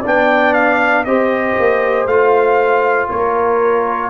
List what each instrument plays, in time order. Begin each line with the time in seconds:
0.00 tuba B3, trombone D4, horn D5
0.06 trumpet G5
0.53 trumpet F5
1.05 tuba C4, trombone G4, horn C5, trumpet D#5
1.59 tuba A#3
2.06 tuba A3, trombone F4, trumpet F5
3.09 tuba A#3, horn A#4, trumpet C#5